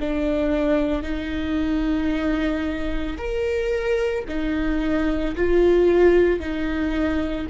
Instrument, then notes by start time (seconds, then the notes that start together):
viola
0.00 D4
1.03 D#4
3.18 A#4
4.29 D#4
5.36 F4
6.40 D#4